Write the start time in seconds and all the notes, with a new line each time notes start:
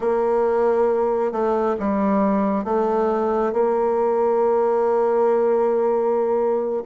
0.00 A#3
1.32 A3
1.79 G3
2.64 A3
3.53 A#3